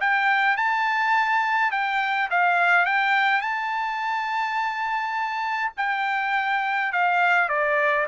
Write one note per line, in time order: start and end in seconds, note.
0.00 0.56 G5
0.56 1.71 A5
1.71 2.29 G5
2.30 2.85 F5
2.85 3.41 G5
3.41 5.72 A5
5.77 6.92 G5
6.92 7.48 F5
7.48 8.06 D5